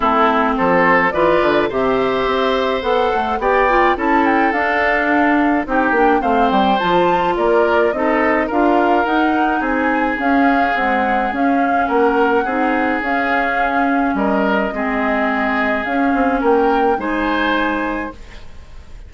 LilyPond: <<
  \new Staff \with { instrumentName = "flute" } { \time 4/4 \tempo 4 = 106 a'4 c''4 d''4 e''4~ | e''4 fis''4 g''4 a''8 g''8 | f''2 g''4 f''8 g''8 | a''4 d''4 dis''4 f''4 |
fis''4 gis''4 f''4 fis''4 | f''4 fis''2 f''4~ | f''4 dis''2. | f''4 g''4 gis''2 | }
  \new Staff \with { instrumentName = "oboe" } { \time 4/4 e'4 a'4 b'4 c''4~ | c''2 d''4 a'4~ | a'2 g'4 c''4~ | c''4 ais'4 a'4 ais'4~ |
ais'4 gis'2.~ | gis'4 ais'4 gis'2~ | gis'4 ais'4 gis'2~ | gis'4 ais'4 c''2 | }
  \new Staff \with { instrumentName = "clarinet" } { \time 4/4 c'2 f'4 g'4~ | g'4 a'4 g'8 f'8 e'4 | d'2 dis'8 d'8 c'4 | f'2 dis'4 f'4 |
dis'2 cis'4 gis4 | cis'2 dis'4 cis'4~ | cis'2 c'2 | cis'2 dis'2 | }
  \new Staff \with { instrumentName = "bassoon" } { \time 4/4 a4 f4 e8 d8 c4 | c'4 b8 a8 b4 cis'4 | d'2 c'8 ais8 a8 g8 | f4 ais4 c'4 d'4 |
dis'4 c'4 cis'4 c'4 | cis'4 ais4 c'4 cis'4~ | cis'4 g4 gis2 | cis'8 c'8 ais4 gis2 | }
>>